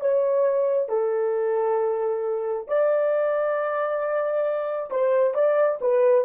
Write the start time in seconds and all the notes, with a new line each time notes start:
0.00 C#5
0.89 A4
2.67 D5
4.91 C5
5.34 D5
5.81 B4